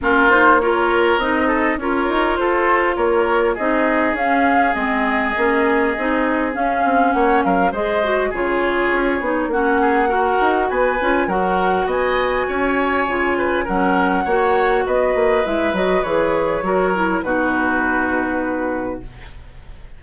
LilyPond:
<<
  \new Staff \with { instrumentName = "flute" } { \time 4/4 \tempo 4 = 101 ais'8 c''8 cis''4 dis''4 cis''4 | c''4 cis''4 dis''4 f''4 | dis''2. f''4 | fis''8 f''8 dis''4 cis''2 |
fis''2 gis''4 fis''4 | gis''2. fis''4~ | fis''4 dis''4 e''8 dis''8 cis''4~ | cis''4 b'2. | }
  \new Staff \with { instrumentName = "oboe" } { \time 4/4 f'4 ais'4. a'8 ais'4 | a'4 ais'4 gis'2~ | gis'1 | cis''8 ais'8 c''4 gis'2 |
fis'8 gis'8 ais'4 b'4 ais'4 | dis''4 cis''4. b'8 ais'4 | cis''4 b'2. | ais'4 fis'2. | }
  \new Staff \with { instrumentName = "clarinet" } { \time 4/4 cis'8 dis'8 f'4 dis'4 f'4~ | f'2 dis'4 cis'4 | c'4 cis'4 dis'4 cis'4~ | cis'4 gis'8 fis'8 f'4. dis'8 |
cis'4 fis'4. f'8 fis'4~ | fis'2 f'4 cis'4 | fis'2 e'8 fis'8 gis'4 | fis'8 e'8 dis'2. | }
  \new Staff \with { instrumentName = "bassoon" } { \time 4/4 ais2 c'4 cis'8 dis'8 | f'4 ais4 c'4 cis'4 | gis4 ais4 c'4 cis'8 c'8 | ais8 fis8 gis4 cis4 cis'8 b8 |
ais4. dis'8 b8 cis'8 fis4 | b4 cis'4 cis4 fis4 | ais4 b8 ais8 gis8 fis8 e4 | fis4 b,2. | }
>>